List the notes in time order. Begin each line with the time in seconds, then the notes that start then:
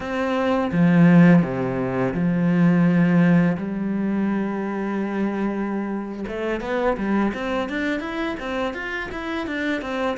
0.00 C4
0.72 F3
1.42 C3
2.14 F3
3.57 G3
6.28 A3
6.61 B3
6.97 G3
7.34 C4
7.69 D4
8.00 E4
8.39 C4
8.74 F4
9.11 E4
9.46 D4
9.81 C4